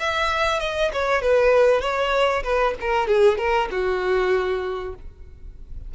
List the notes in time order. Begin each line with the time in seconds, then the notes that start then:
0.00 E5
0.60 D#5
0.93 C#5
1.22 B4
1.82 C#5
2.44 B4
2.81 A#4
3.08 G#4
3.38 A#4
3.71 F#4